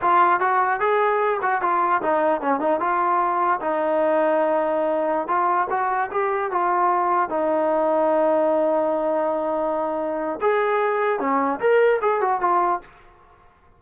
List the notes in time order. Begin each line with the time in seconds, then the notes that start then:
0.01 F4
0.40 F#4
0.80 G#4
1.41 F#4
1.61 F4
2.02 D#4
2.41 C#4
2.60 D#4
2.80 F4
3.60 D#4
5.27 F4
5.70 F#4
6.11 G4
6.51 F4
7.29 D#4
10.41 G#4
11.19 C#4
11.59 A#4
12.01 G#4
12.20 F#4
12.40 F4